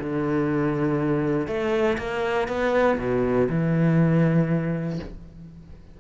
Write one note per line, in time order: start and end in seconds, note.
0.00 1.47 D3
1.47 1.97 A3
1.98 2.48 A#3
2.48 2.98 B3
2.99 3.49 B2
3.50 5.00 E3